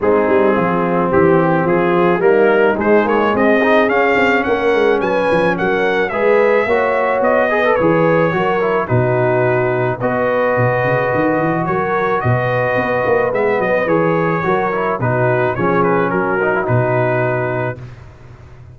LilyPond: <<
  \new Staff \with { instrumentName = "trumpet" } { \time 4/4 \tempo 4 = 108 gis'2 g'4 gis'4 | ais'4 c''8 cis''8 dis''4 f''4 | fis''4 gis''4 fis''4 e''4~ | e''4 dis''4 cis''2 |
b'2 dis''2~ | dis''4 cis''4 dis''2 | e''8 dis''8 cis''2 b'4 | cis''8 b'8 ais'4 b'2 | }
  \new Staff \with { instrumentName = "horn" } { \time 4/4 dis'4 f'4 g'4 f'4 | dis'2 gis'2 | ais'4 b'4 ais'4 b'4 | cis''4. b'4. ais'4 |
fis'2 b'2~ | b'4 ais'4 b'2~ | b'2 ais'4 fis'4 | gis'4 fis'2. | }
  \new Staff \with { instrumentName = "trombone" } { \time 4/4 c'1 | ais4 gis4. dis'8 cis'4~ | cis'2. gis'4 | fis'4. gis'16 a'16 gis'4 fis'8 e'8 |
dis'2 fis'2~ | fis'1 | b4 gis'4 fis'8 e'8 dis'4 | cis'4. dis'16 e'16 dis'2 | }
  \new Staff \with { instrumentName = "tuba" } { \time 4/4 gis8 g8 f4 e4 f4 | g4 gis8 ais8 c'4 cis'8 c'8 | ais8 gis8 fis8 f8 fis4 gis4 | ais4 b4 e4 fis4 |
b,2 b4 b,8 cis8 | dis8 e8 fis4 b,4 b8 ais8 | gis8 fis8 e4 fis4 b,4 | f4 fis4 b,2 | }
>>